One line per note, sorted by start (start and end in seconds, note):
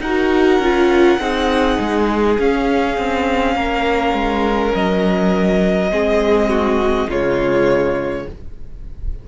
0.00 0.59 D#4
0.00 0.63 F#4
0.00 1.21 A#4
0.00 2.37 F#5
0.59 1.18 C#4
0.59 1.20 F4
1.19 1.78 C4
1.19 2.38 D#4
1.19 3.56 G#4
1.80 2.39 G#3
2.38 5.90 C#4
2.38 2.98 C#4
2.38 4.75 F5
2.98 3.56 C4
3.56 4.13 A#3
3.56 5.91 A#4
4.13 4.72 G#3
4.75 5.92 F#3
4.75 7.10 D#5
5.90 7.08 G#3
5.90 7.08 C4
5.90 6.50 G#4
6.50 7.09 F#4
7.08 8.26 C#3
7.08 8.28 G#3
7.08 8.27 F4
7.08 8.28 C#5